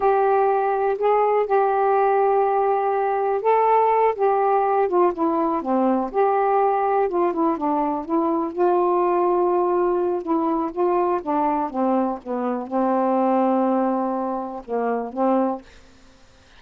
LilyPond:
\new Staff \with { instrumentName = "saxophone" } { \time 4/4 \tempo 4 = 123 g'2 gis'4 g'4~ | g'2. a'4~ | a'8 g'4. f'8 e'4 c'8~ | c'8 g'2 f'8 e'8 d'8~ |
d'8 e'4 f'2~ f'8~ | f'4 e'4 f'4 d'4 | c'4 b4 c'2~ | c'2 ais4 c'4 | }